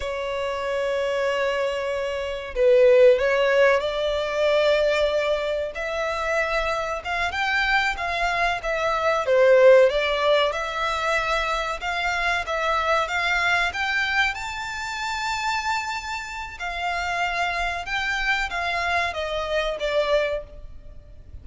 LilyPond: \new Staff \with { instrumentName = "violin" } { \time 4/4 \tempo 4 = 94 cis''1 | b'4 cis''4 d''2~ | d''4 e''2 f''8 g''8~ | g''8 f''4 e''4 c''4 d''8~ |
d''8 e''2 f''4 e''8~ | e''8 f''4 g''4 a''4.~ | a''2 f''2 | g''4 f''4 dis''4 d''4 | }